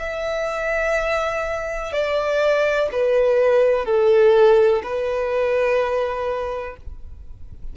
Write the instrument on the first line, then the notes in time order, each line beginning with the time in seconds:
violin
0.00 E5
1.93 D5
2.93 B4
3.86 A4
4.83 B4